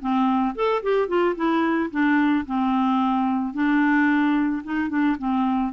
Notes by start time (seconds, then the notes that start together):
0.00 C4
0.55 A4
0.83 G4
1.08 F4
1.35 E4
1.90 D4
2.46 C4
3.53 D4
4.63 D#4
4.89 D4
5.18 C4